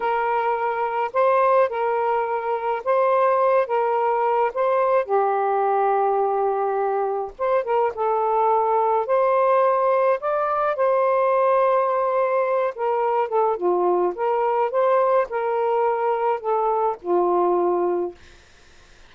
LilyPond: \new Staff \with { instrumentName = "saxophone" } { \time 4/4 \tempo 4 = 106 ais'2 c''4 ais'4~ | ais'4 c''4. ais'4. | c''4 g'2.~ | g'4 c''8 ais'8 a'2 |
c''2 d''4 c''4~ | c''2~ c''8 ais'4 a'8 | f'4 ais'4 c''4 ais'4~ | ais'4 a'4 f'2 | }